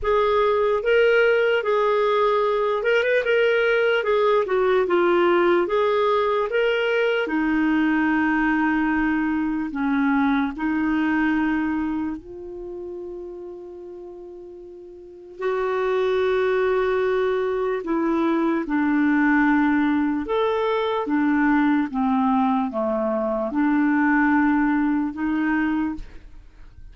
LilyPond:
\new Staff \with { instrumentName = "clarinet" } { \time 4/4 \tempo 4 = 74 gis'4 ais'4 gis'4. ais'16 b'16 | ais'4 gis'8 fis'8 f'4 gis'4 | ais'4 dis'2. | cis'4 dis'2 f'4~ |
f'2. fis'4~ | fis'2 e'4 d'4~ | d'4 a'4 d'4 c'4 | a4 d'2 dis'4 | }